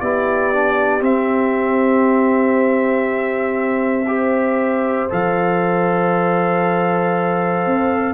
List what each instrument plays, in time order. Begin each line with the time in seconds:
0.00 tuba B3, trombone E4, horn G4, trumpet D5
0.53 trombone D4
1.00 trombone C4, tuba C4, trumpet E5
4.07 trombone G4, horn C5
5.10 tuba F3, trombone A4, trumpet F5
7.66 tuba C4